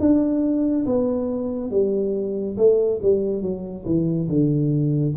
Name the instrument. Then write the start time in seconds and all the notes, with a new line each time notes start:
tuba
0.00 D4
0.86 B3
1.71 G3
2.58 A3
3.02 G3
3.42 F#3
3.86 E3
4.29 D3